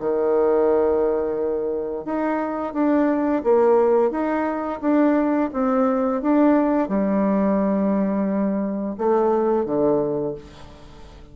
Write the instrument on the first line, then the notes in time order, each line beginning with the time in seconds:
bassoon
0.00 D#3
2.05 D#4
2.74 D4
3.44 A#3
4.11 D#4
4.81 D4
5.53 C4
6.22 D4
6.89 G3
8.98 A3
9.66 D3